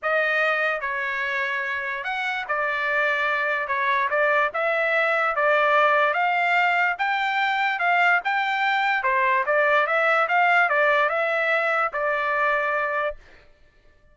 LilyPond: \new Staff \with { instrumentName = "trumpet" } { \time 4/4 \tempo 4 = 146 dis''2 cis''2~ | cis''4 fis''4 d''2~ | d''4 cis''4 d''4 e''4~ | e''4 d''2 f''4~ |
f''4 g''2 f''4 | g''2 c''4 d''4 | e''4 f''4 d''4 e''4~ | e''4 d''2. | }